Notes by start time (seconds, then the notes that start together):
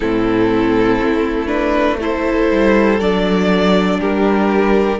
0.00 A2 C4 E4 A4
1.03 A3
1.46 D4 B4
2.00 E4 A4 C5
2.51 G3
3.00 F#3 D4 D5
3.99 G3 G4 A#4